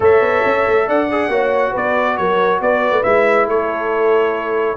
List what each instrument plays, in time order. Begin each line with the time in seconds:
0.00 tuba A3, trombone A4, horn C#5, trumpet E5
0.21 tuba B3
0.45 tuba C#4
0.67 tuba A3
0.87 tuba D4, horn D5, trumpet F#5
1.11 trombone G#4
1.28 tuba A#3, trombone F#4, horn C#5
1.71 tuba B3, horn B4, trumpet D5
2.17 tuba F#3, horn A#4, trumpet C#5
2.60 tuba B3, horn B4, trumpet D5
2.91 tuba A3
3.03 tuba G#3, trombone E4, trumpet E5
3.47 tuba A3, horn A4, trumpet C#5